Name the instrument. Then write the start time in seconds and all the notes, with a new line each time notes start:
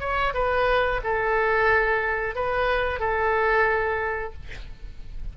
oboe
0.00 C#5
0.34 B4
1.04 A4
2.35 B4
3.00 A4